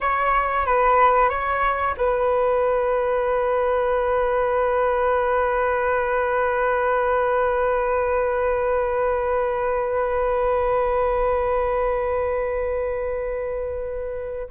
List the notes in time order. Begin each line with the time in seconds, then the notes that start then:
0.01 C#5
0.66 B4
1.29 C#5
1.97 B4